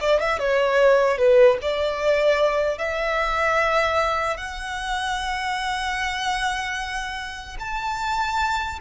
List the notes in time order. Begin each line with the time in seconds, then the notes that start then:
0.00 D5
0.20 E5
0.39 C#5
1.18 B4
1.62 D5
2.78 E5
4.37 F#5
7.59 A5